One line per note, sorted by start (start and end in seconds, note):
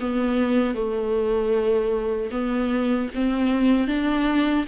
0.00 0.75 B3
0.75 2.31 A3
2.31 3.09 B3
3.15 3.88 C4
3.88 4.66 D4